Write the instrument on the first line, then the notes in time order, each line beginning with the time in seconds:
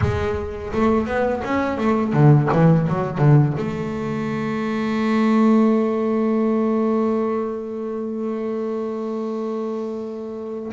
double bass
0.01 G#3
0.73 A3
1.06 B3
1.44 C#4
1.77 A3
2.13 D3
2.52 E3
2.88 F#3
3.18 D3
3.57 A3